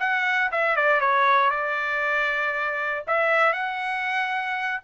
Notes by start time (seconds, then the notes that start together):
0.00 F#5
0.52 E5
0.76 D5
1.00 C#5
1.51 D5
3.07 E5
3.53 F#5